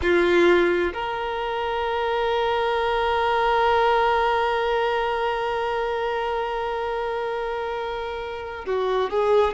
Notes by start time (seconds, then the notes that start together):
0.02 F4
0.93 A#4
8.65 F#4
9.10 G#4